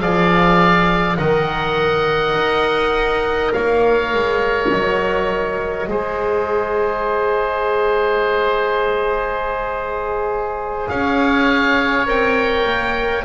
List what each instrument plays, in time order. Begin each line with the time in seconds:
0.00 double bass F3, trombone G#4, oboe D5 F5
1.17 double bass D#3, trombone A#4, oboe D#5 F#5
2.35 double bass D#4
3.53 double bass A#3, oboe C#5 F5
4.14 double bass G#3
4.71 double bass F#3, oboe D#5
5.87 double bass G#3, trombone G#4, oboe C5
10.89 double bass C#4, oboe C#5 F5
12.06 double bass C4, trombone A#4, oboe G5
12.66 double bass A#3